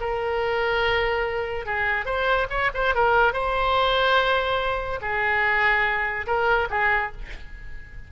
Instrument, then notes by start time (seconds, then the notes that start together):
oboe
0.00 A#4
1.66 G#4
2.05 C5
2.50 C#5
2.74 C5
2.94 A#4
3.33 C5
5.01 G#4
6.26 A#4
6.70 G#4